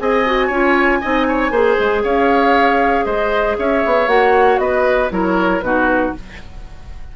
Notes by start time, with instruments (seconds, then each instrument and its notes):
0.00 bassoon C4, clarinet G#4, oboe D#5, flute G#5
0.26 clarinet F#4
0.48 bassoon C#4, clarinet F4, oboe C#5
1.01 bassoon C4, clarinet D#4, oboe D#5
1.29 oboe C#5
1.51 bassoon A#3, clarinet G#4, oboe C5
1.79 bassoon G#3
2.04 bassoon C#4, oboe C#5, flute F5
3.05 bassoon G#3, oboe C5, flute D#5
3.59 bassoon C#4, oboe C#5, flute E5
3.86 bassoon B3
4.08 bassoon A#3, clarinet F#4, flute F#5
4.59 bassoon B3, oboe B4, flute D#5
5.10 bassoon F#3, clarinet E4, oboe A#4, flute C#5
5.61 bassoon B2, clarinet D#4, oboe F#4, flute B4